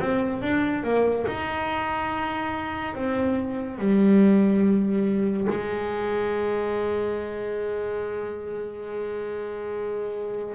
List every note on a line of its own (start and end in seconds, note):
0.00 0.42 C4
0.42 0.84 D4
0.84 1.26 A#3
1.28 2.95 D#4
2.95 3.79 C4
3.79 5.48 G3
5.50 10.56 G#3